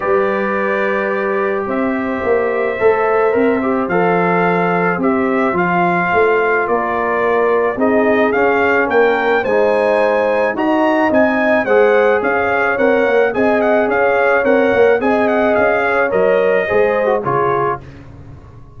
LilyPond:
<<
  \new Staff \with { instrumentName = "trumpet" } { \time 4/4 \tempo 4 = 108 d''2. e''4~ | e''2. f''4~ | f''4 e''4 f''2 | d''2 dis''4 f''4 |
g''4 gis''2 ais''4 | gis''4 fis''4 f''4 fis''4 | gis''8 fis''8 f''4 fis''4 gis''8 fis''8 | f''4 dis''2 cis''4 | }
  \new Staff \with { instrumentName = "horn" } { \time 4/4 b'2. c''4~ | c''1~ | c''1 | ais'2 gis'2 |
ais'4 c''2 dis''4~ | dis''4 c''4 cis''2 | dis''4 cis''2 dis''4~ | dis''8 cis''4. c''4 gis'4 | }
  \new Staff \with { instrumentName = "trombone" } { \time 4/4 g'1~ | g'4 a'4 ais'8 g'8 a'4~ | a'4 g'4 f'2~ | f'2 dis'4 cis'4~ |
cis'4 dis'2 fis'4 | dis'4 gis'2 ais'4 | gis'2 ais'4 gis'4~ | gis'4 ais'4 gis'8. fis'16 f'4 | }
  \new Staff \with { instrumentName = "tuba" } { \time 4/4 g2. c'4 | ais4 a4 c'4 f4~ | f4 c'4 f4 a4 | ais2 c'4 cis'4 |
ais4 gis2 dis'4 | c'4 gis4 cis'4 c'8 ais8 | c'4 cis'4 c'8 ais8 c'4 | cis'4 fis4 gis4 cis4 | }
>>